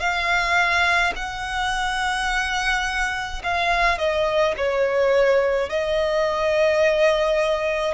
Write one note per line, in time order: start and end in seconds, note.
0.00 1.13 F5
1.16 3.42 F#5
3.43 3.98 F5
3.98 4.55 D#5
4.57 5.70 C#5
5.70 7.94 D#5